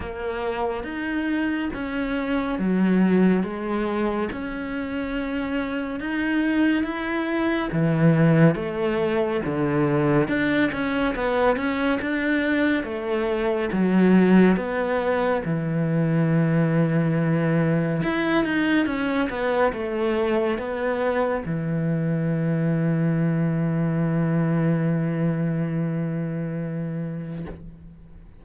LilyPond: \new Staff \with { instrumentName = "cello" } { \time 4/4 \tempo 4 = 70 ais4 dis'4 cis'4 fis4 | gis4 cis'2 dis'4 | e'4 e4 a4 d4 | d'8 cis'8 b8 cis'8 d'4 a4 |
fis4 b4 e2~ | e4 e'8 dis'8 cis'8 b8 a4 | b4 e2.~ | e1 | }